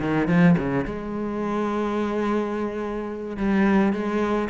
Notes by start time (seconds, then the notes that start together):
0.00 D#3
0.28 F3
0.58 C#3
0.85 G#3
3.37 G3
3.93 G#3